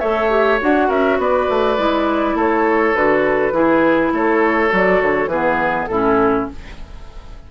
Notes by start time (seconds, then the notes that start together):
0.00 A3 A4 C#5 E5
0.30 G4
0.61 D4 F#4 F#5
0.88 C#4 A#4 E5
1.19 B3 B4 D5
1.50 A3
1.78 G#3 E4
2.35 A3 A4 C#5
2.95 D3 F#4 B4
3.53 E3 E4 G#4
4.13 A3 A4 C#5
4.70 F#3 F#4 D5
5.01 D3 C#5
5.27 E3 B3 G#4 B4
5.87 A2 E4 A4
5.93 C#4